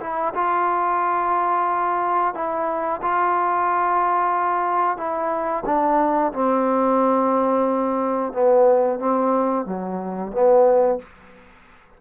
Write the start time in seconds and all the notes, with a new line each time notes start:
0.00 E4
0.35 F4
2.34 E4
3.02 F4
4.97 E4
5.65 D4
6.33 C4
8.33 B3
8.99 C4
9.66 F#3
10.32 B3